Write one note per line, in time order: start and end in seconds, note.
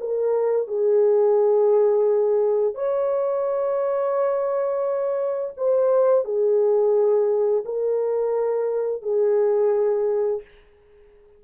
0.00 0.67 A#4
0.67 2.75 G#4
2.75 5.54 C#5
5.57 6.24 C5
6.24 7.64 G#4
7.65 9.02 A#4
9.02 10.41 G#4